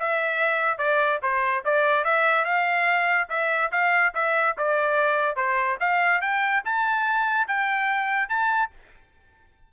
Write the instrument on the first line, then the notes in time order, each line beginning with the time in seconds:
trumpet
0.00 E5
0.78 D5
1.23 C5
1.65 D5
2.05 E5
2.45 F5
3.30 E5
3.72 F5
4.15 E5
4.58 D5
5.36 C5
5.80 F5
6.21 G5
6.65 A5
7.48 G5
8.29 A5